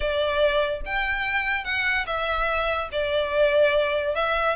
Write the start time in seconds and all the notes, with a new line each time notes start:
0.00 D5
0.85 G5
1.64 F#5
2.06 E5
2.92 D5
4.15 E5